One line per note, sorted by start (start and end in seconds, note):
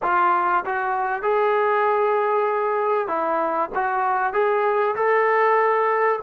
0.02 0.64 F4
0.65 1.22 F#4
1.22 3.07 G#4
3.07 3.69 E4
3.75 4.33 F#4
4.33 4.95 G#4
4.95 6.19 A4